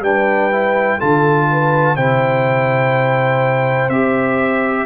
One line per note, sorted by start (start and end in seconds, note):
0.00 0.97 G3
0.00 0.51 D4
0.00 0.98 B4
0.00 1.00 G5
0.51 1.00 E4
0.98 1.97 D3
0.98 1.97 F4
0.98 1.47 A4
0.98 1.96 A5
1.51 1.96 B4
1.96 3.89 C3
1.96 3.91 E4
1.96 4.86 C5
1.96 3.89 G5
3.89 4.86 C4
3.89 4.86 G4
3.89 4.86 E5